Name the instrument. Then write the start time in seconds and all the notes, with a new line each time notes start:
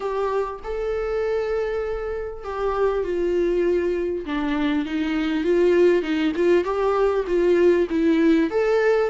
viola
0.00 G4
0.63 A4
2.44 G4
3.04 F4
4.25 D4
4.85 D#4
5.44 F4
6.02 D#4
6.36 F4
6.64 G4
7.27 F4
7.90 E4
8.50 A4